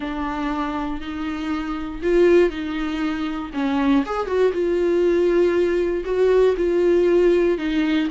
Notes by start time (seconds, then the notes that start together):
0.00 D4
1.01 D#4
2.02 F4
2.50 D#4
3.53 C#4
4.05 G#4
4.27 F#4
4.52 F4
6.04 F#4
6.57 F4
7.58 D#4